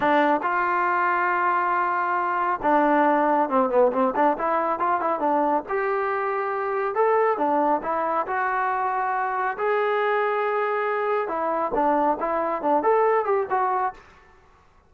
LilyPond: \new Staff \with { instrumentName = "trombone" } { \time 4/4 \tempo 4 = 138 d'4 f'2.~ | f'2 d'2 | c'8 b8 c'8 d'8 e'4 f'8 e'8 | d'4 g'2. |
a'4 d'4 e'4 fis'4~ | fis'2 gis'2~ | gis'2 e'4 d'4 | e'4 d'8 a'4 g'8 fis'4 | }